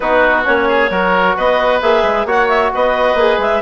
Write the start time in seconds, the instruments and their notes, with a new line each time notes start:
0.00 bassoon B3, trombone D#4, oboe F#4, clarinet B4
0.45 bassoon A#3, trombone C#4, clarinet C#5
0.67 oboe G#4
0.90 bassoon F#3, trombone F#4, oboe A#4
1.36 bassoon B3, oboe B4, clarinet D#5
1.82 bassoon A#3, trombone G#4, clarinet E5
2.03 bassoon G#3
2.25 bassoon A#3, trombone F#4, oboe C#5, clarinet F#5
2.48 clarinet E5
2.74 bassoon B3, oboe B4, clarinet D#5
3.14 bassoon A#3, trombone G#4
3.38 bassoon G#3, clarinet E5